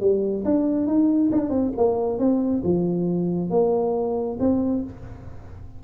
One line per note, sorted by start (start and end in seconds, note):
0.00 0.44 G3
0.45 0.86 D4
0.86 1.30 D#4
1.31 1.49 D4
1.49 1.71 C4
1.76 2.19 A#3
2.19 2.63 C4
2.64 3.50 F3
3.50 4.37 A#3
4.40 4.83 C4